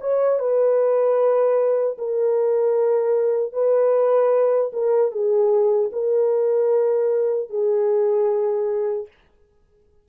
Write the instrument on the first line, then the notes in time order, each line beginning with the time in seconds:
horn
0.00 C#5
0.39 B4
1.98 A#4
3.52 B4
4.73 A#4
5.11 G#4
5.92 A#4
7.49 G#4